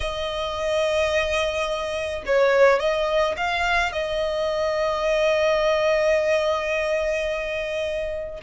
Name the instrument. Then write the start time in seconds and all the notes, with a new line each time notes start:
violin
0.00 D#5
2.26 C#5
2.79 D#5
3.36 F5
3.92 D#5